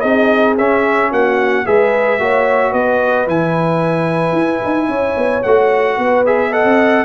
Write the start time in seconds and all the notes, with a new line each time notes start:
0.00 C4 D#4 G#4 D#5
0.57 C#4 E5
1.10 A#3 F#4 F#5
1.65 G#3 G#4 B4 E5
2.19 A#3 F#4 C#5
2.71 B3 B4 D#5
3.26 E3 E4 G#5
4.32 E4
4.65 D#4
4.88 C#4 C#5
5.16 B3
5.43 A3 F#4 F#5
5.97 B3 B4
6.25 G#4 E5
6.50 A4 D#5 F#5
6.64 C4